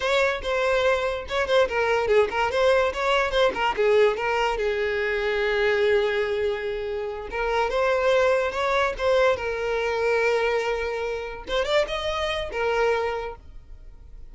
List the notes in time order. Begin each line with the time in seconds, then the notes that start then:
0.00 C#5
0.42 C5
1.28 C#5
1.47 C5
1.68 A#4
2.07 G#4
2.30 A#4
2.51 C5
2.93 C#5
3.31 C5
3.54 A#4
3.76 G#4
4.16 A#4
4.57 G#4
7.30 A#4
7.70 C5
8.51 C#5
8.98 C5
9.36 A#4
11.48 C5
11.64 D5
11.87 D#5
12.52 A#4